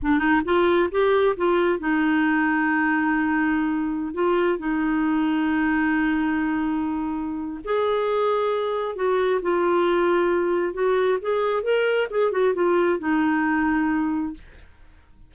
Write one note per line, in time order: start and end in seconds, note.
0.02 0.19 D4
0.19 0.41 D#4
0.44 0.89 F4
0.91 1.36 G4
1.36 1.79 F4
1.79 4.13 D#4
4.13 4.58 F4
4.58 7.60 D#4
7.64 8.95 G#4
8.95 9.40 F#4
9.42 10.73 F4
10.73 11.18 F#4
11.21 11.62 G#4
11.62 12.07 A#4
12.10 12.31 G#4
12.31 12.54 F#4
12.54 12.99 F4
12.99 14.33 D#4